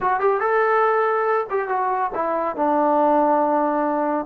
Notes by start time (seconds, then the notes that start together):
0.00 F#4
0.20 G4
0.40 A4
1.50 G4
1.68 F#4
2.14 E4
2.56 D4